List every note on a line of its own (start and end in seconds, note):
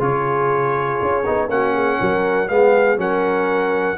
0.00 1.00 C#3
0.00 1.24 F4
0.00 1.49 G#4
0.00 1.50 C#5
1.02 1.27 C#4
1.26 1.48 B3
1.26 1.49 D#4
1.48 1.98 A#3
1.48 2.48 C#4
1.48 1.74 F#4
1.48 2.49 F#5
1.74 1.99 G#4
2.00 2.50 F#3
2.00 2.50 A#4
2.49 2.98 G#3
2.49 2.98 B3
2.49 3.00 G#4
2.49 2.98 F5
2.98 3.97 F#3
2.98 3.97 C#4
2.98 3.99 A#4
2.98 3.99 F#5